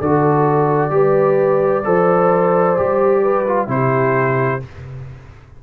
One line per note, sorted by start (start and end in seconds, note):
0.00 0.91 D3
0.00 0.91 F#4
0.00 0.92 A4
0.00 3.70 D5
0.91 1.84 G3
0.91 1.83 G4
0.91 1.86 B4
1.85 2.79 F3
1.85 2.77 A4
1.85 3.23 C5
2.77 3.68 G3
2.77 3.46 G4
3.23 3.69 B4
3.48 3.68 F4
3.68 4.60 C3
3.68 4.60 E4
3.68 4.64 G4
3.68 4.62 C5